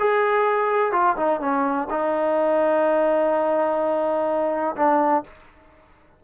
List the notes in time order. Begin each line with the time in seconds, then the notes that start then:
0.00 G#4
0.92 F4
1.17 D#4
1.40 C#4
1.90 D#4
4.76 D4